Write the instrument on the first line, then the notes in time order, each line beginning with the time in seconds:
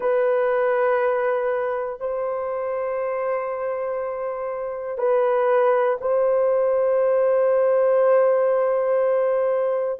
horn
0.00 B4
2.00 C5
4.98 B4
6.00 C5